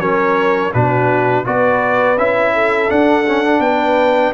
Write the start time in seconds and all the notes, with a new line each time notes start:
0.00 F#3 C#4 A#4 C#5
0.74 B2 D4 F#4 B4
1.45 B3 F#4 B4 D5
2.18 C#4 E4 E5
2.54 A4
2.89 D4 F#5
3.28 C#4
3.44 D4
3.60 B3 B4 G5